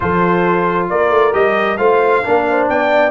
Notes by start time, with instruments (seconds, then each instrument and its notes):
0.00 tuba F3, trombone F4, horn A4, trumpet C5
0.89 tuba A#3, horn A#4, trumpet D5
1.10 tuba A3
1.33 tuba G3, trombone G4, trumpet D#5
1.77 tuba A3, trombone F4, horn C5, trumpet F5
2.23 tuba A#3, trombone D4, horn A#4
2.49 horn C5
2.68 tuba B3, horn D5, trumpet G5